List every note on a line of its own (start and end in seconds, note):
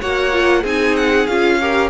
0.00 0.64 A#3
0.00 0.32 F#4
0.00 0.61 C#5
0.00 0.64 F#5
0.32 0.64 F4
0.61 1.27 C4
0.61 1.28 D#4
0.61 1.56 G#4
0.61 0.96 G#5
0.96 1.27 F#5
1.27 1.90 C#4
1.27 1.61 F4
1.27 1.90 F5
1.61 1.90 G4
1.61 1.90 A#4